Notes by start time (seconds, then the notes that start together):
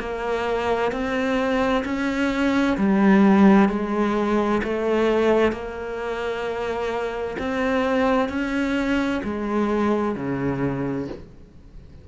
0.00 A#3
0.92 C4
1.85 C#4
2.78 G3
3.70 G#3
4.64 A3
5.53 A#3
7.39 C4
8.30 C#4
9.24 G#3
10.16 C#3